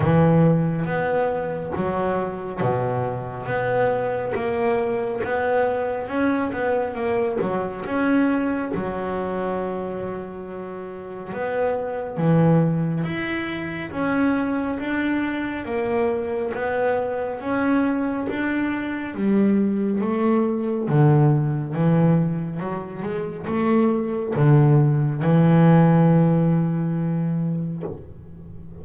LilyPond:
\new Staff \with { instrumentName = "double bass" } { \time 4/4 \tempo 4 = 69 e4 b4 fis4 b,4 | b4 ais4 b4 cis'8 b8 | ais8 fis8 cis'4 fis2~ | fis4 b4 e4 e'4 |
cis'4 d'4 ais4 b4 | cis'4 d'4 g4 a4 | d4 e4 fis8 gis8 a4 | d4 e2. | }